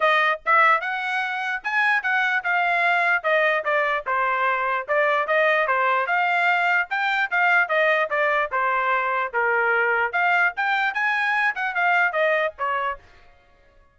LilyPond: \new Staff \with { instrumentName = "trumpet" } { \time 4/4 \tempo 4 = 148 dis''4 e''4 fis''2 | gis''4 fis''4 f''2 | dis''4 d''4 c''2 | d''4 dis''4 c''4 f''4~ |
f''4 g''4 f''4 dis''4 | d''4 c''2 ais'4~ | ais'4 f''4 g''4 gis''4~ | gis''8 fis''8 f''4 dis''4 cis''4 | }